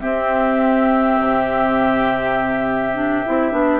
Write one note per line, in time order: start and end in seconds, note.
0.00 2.94 C4
0.00 1.19 C4
0.00 3.80 G4
0.00 3.80 E5
1.19 3.25 C3
2.94 3.24 D4
3.25 3.52 C4
3.25 3.51 E4
3.51 3.80 B3
3.51 3.80 D4